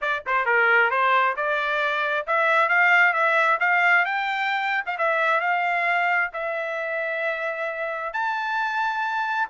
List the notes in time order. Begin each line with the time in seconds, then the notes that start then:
0.01 D5
0.26 C5
0.45 A#4
0.90 C5
1.36 D5
2.26 E5
2.68 F5
3.13 E5
3.60 F5
4.05 G5
4.86 F5
4.98 E5
5.40 F5
6.33 E5
8.13 A5